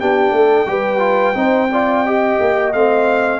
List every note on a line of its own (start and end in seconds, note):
0.00 0.31 B3
0.00 0.66 D4
0.00 0.34 G4
0.00 2.73 G5
0.31 0.65 A3
0.31 0.68 A4
0.66 1.35 G3
0.66 0.99 G4
0.66 1.37 B4
0.99 1.33 F4
1.34 2.37 C4
1.34 1.68 D#4
1.34 1.72 C5
1.72 2.06 F4
1.72 2.06 D5
2.06 2.74 G4
2.06 3.39 D#5
2.40 2.73 A#3
2.73 3.39 A3
2.73 3.39 C4
2.73 3.39 F5